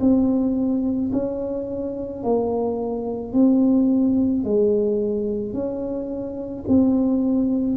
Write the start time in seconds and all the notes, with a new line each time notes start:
0.00 C4
1.12 C#4
2.23 A#3
3.32 C4
4.43 G#3
5.53 C#4
6.68 C4